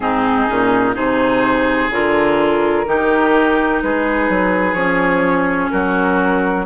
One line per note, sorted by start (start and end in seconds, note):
0.00 0.48 G#2
0.00 0.48 C4
0.00 0.95 D#4
0.00 0.92 G#4
0.48 0.96 A#2
0.48 0.93 C#4
0.93 1.89 C3
0.93 1.89 D#4
0.93 2.86 G#4
0.93 1.91 C5
1.89 2.85 D3
1.89 2.86 F4
1.89 3.82 A#4
2.86 3.82 D#3
2.86 4.76 D#4
2.86 3.83 G4
3.82 4.29 G#3
3.82 5.71 G#4
3.82 4.73 B4
4.29 4.73 F#3
4.73 5.68 F3
4.73 6.65 C#4
4.73 5.69 C#5
5.70 6.65 F#3
5.70 6.65 F#4
5.70 6.65 A#4